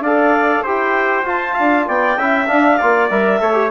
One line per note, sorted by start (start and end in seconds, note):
0.00 0.61 D4
0.00 0.66 A4
0.00 0.63 D5
0.00 0.64 F5
0.63 1.23 E4
0.63 1.25 G4
0.63 1.54 C5
0.63 1.26 G5
1.23 1.54 F4
1.23 2.17 F4
1.23 1.88 A5
1.54 1.87 D4
1.54 1.84 F5
1.87 2.16 B3
1.87 2.18 D5
1.87 2.47 G5
2.16 2.47 C#4
2.16 2.46 E4
2.16 2.77 E5
2.46 2.77 D4
2.46 2.81 D4
2.46 3.08 F5
2.77 3.10 A#3
2.77 3.10 F4
2.77 3.39 D5
3.09 3.40 G3
3.09 3.39 A#4
3.09 3.70 E5
3.39 3.70 A3
3.39 3.53 A4
3.39 3.70 C#5
3.53 3.69 G4